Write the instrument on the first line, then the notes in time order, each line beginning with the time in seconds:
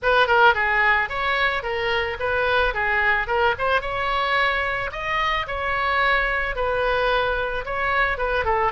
oboe
0.02 B4
0.27 A#4
0.54 G#4
1.09 C#5
1.62 A#4
2.19 B4
2.73 G#4
3.27 A#4
3.58 C5
3.81 C#5
4.92 D#5
5.47 C#5
6.55 B4
7.65 C#5
8.17 B4
8.44 A4